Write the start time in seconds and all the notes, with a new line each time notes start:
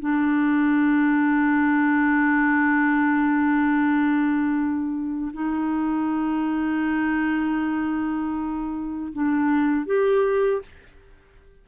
0.00 D4
5.33 D#4
9.13 D4
9.86 G4